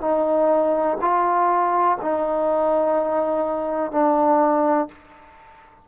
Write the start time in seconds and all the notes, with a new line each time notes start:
0.00 D#4
1.01 F4
2.01 D#4
3.91 D4